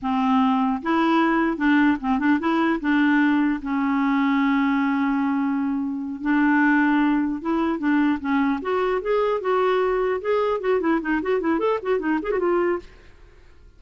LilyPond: \new Staff \with { instrumentName = "clarinet" } { \time 4/4 \tempo 4 = 150 c'2 e'2 | d'4 c'8 d'8 e'4 d'4~ | d'4 cis'2.~ | cis'2.~ cis'8 d'8~ |
d'2~ d'8 e'4 d'8~ | d'8 cis'4 fis'4 gis'4 fis'8~ | fis'4. gis'4 fis'8 e'8 dis'8 | fis'8 e'8 a'8 fis'8 dis'8 gis'16 fis'16 f'4 | }